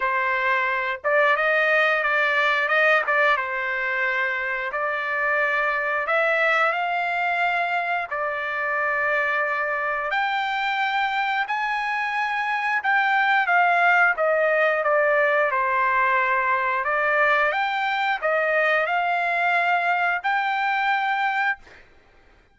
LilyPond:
\new Staff \with { instrumentName = "trumpet" } { \time 4/4 \tempo 4 = 89 c''4. d''8 dis''4 d''4 | dis''8 d''8 c''2 d''4~ | d''4 e''4 f''2 | d''2. g''4~ |
g''4 gis''2 g''4 | f''4 dis''4 d''4 c''4~ | c''4 d''4 g''4 dis''4 | f''2 g''2 | }